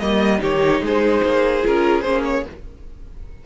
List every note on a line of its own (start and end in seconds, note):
0.00 0.42 G3
0.00 0.39 A#3
0.00 0.41 D#5
0.39 0.81 D#3
0.39 1.60 D#4
0.39 0.82 G4
0.39 0.84 C#5
0.81 1.21 G#3
0.81 2.46 G#4
0.81 1.66 C5
1.24 1.64 A#3
1.62 2.05 C#4
1.62 2.03 F4
1.62 2.02 A#4
2.02 2.46 A#3
2.02 2.46 C#4
2.02 2.22 C5
2.25 2.45 C#5